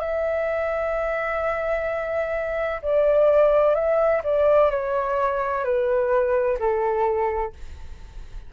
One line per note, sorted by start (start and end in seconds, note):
0.00 2.81 E5
2.82 3.75 D5
3.75 4.22 E5
4.24 4.70 D5
4.70 5.64 C#5
5.64 6.58 B4
6.59 7.53 A4